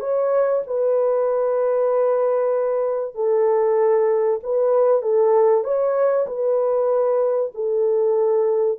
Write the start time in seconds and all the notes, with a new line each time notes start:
0.00 C#5
0.67 B4
3.15 A4
4.43 B4
5.02 A4
5.64 C#5
6.27 B4
7.55 A4